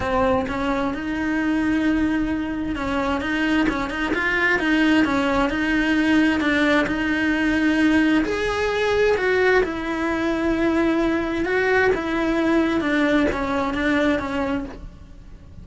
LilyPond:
\new Staff \with { instrumentName = "cello" } { \time 4/4 \tempo 4 = 131 c'4 cis'4 dis'2~ | dis'2 cis'4 dis'4 | cis'8 dis'8 f'4 dis'4 cis'4 | dis'2 d'4 dis'4~ |
dis'2 gis'2 | fis'4 e'2.~ | e'4 fis'4 e'2 | d'4 cis'4 d'4 cis'4 | }